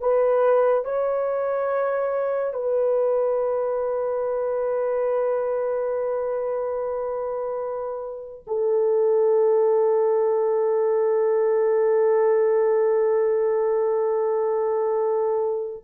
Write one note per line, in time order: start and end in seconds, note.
0.00 0.85 B4
0.85 2.53 C#5
2.53 8.45 B4
8.47 15.84 A4